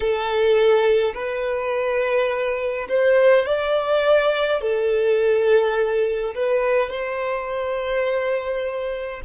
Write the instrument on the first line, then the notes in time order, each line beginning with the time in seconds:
violin
0.00 A4
1.14 B4
2.88 C5
3.46 D5
4.61 A4
6.35 B4
6.90 C5